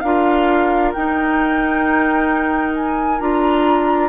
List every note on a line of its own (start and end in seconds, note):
0.00 0.93 D4
0.00 0.95 F4
0.00 4.08 A#4
0.00 0.91 F5
0.92 3.20 D#4
0.92 2.74 G5
2.75 3.20 G#5
3.20 4.08 D4
3.20 4.08 F4
3.20 4.08 A#5